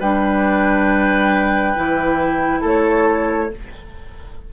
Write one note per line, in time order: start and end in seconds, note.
0.00 1.75 G3
0.00 1.76 D4
0.00 2.61 B4
0.00 2.62 G5
1.76 2.64 E3
1.76 3.50 E4
2.61 3.51 A3
2.61 3.48 A4
2.61 3.53 C#5